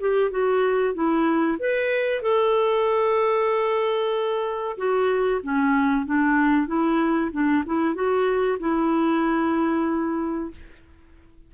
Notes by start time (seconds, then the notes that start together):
0.00 G4
0.30 F#4
0.94 E4
1.59 B4
2.22 A4
4.77 F#4
5.43 C#4
6.06 D4
6.67 E4
7.32 D4
7.66 E4
7.94 F#4
8.59 E4